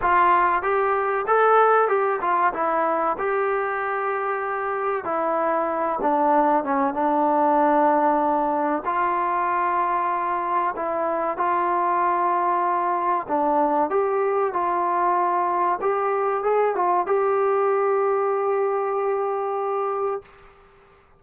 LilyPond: \new Staff \with { instrumentName = "trombone" } { \time 4/4 \tempo 4 = 95 f'4 g'4 a'4 g'8 f'8 | e'4 g'2. | e'4. d'4 cis'8 d'4~ | d'2 f'2~ |
f'4 e'4 f'2~ | f'4 d'4 g'4 f'4~ | f'4 g'4 gis'8 f'8 g'4~ | g'1 | }